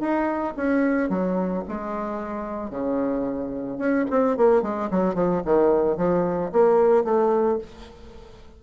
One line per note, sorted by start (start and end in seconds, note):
0.00 0.54 D#4
0.57 1.09 C#4
1.09 1.63 F#3
1.68 2.70 G#3
2.70 3.78 C#3
3.78 4.05 C#4
4.11 4.37 C4
4.37 4.62 A#3
4.62 4.89 G#3
4.91 5.15 F#3
5.15 5.42 F3
5.45 5.97 D#3
5.97 6.51 F3
6.53 7.04 A#3
7.04 7.58 A3